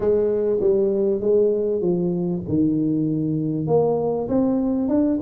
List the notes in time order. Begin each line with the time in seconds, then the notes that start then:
0.00 G#3
0.60 G3
1.20 G#3
1.81 F3
2.48 D#3
3.66 A#3
4.28 C4
4.88 D4